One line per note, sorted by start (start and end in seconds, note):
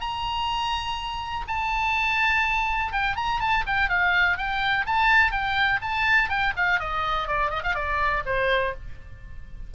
0.00 1.45 A#5
1.48 2.92 A5
2.92 3.16 G5
3.16 3.40 A#5
3.40 3.64 A5
3.66 3.89 G5
3.89 4.37 F5
4.37 4.85 G5
4.86 5.31 A5
5.31 5.80 G5
5.82 6.29 A5
6.29 6.53 G5
6.56 6.79 F5
6.79 7.27 D#5
7.27 7.50 D5
7.50 7.62 D#5
7.63 7.74 F5
7.74 8.23 D5
8.25 8.74 C5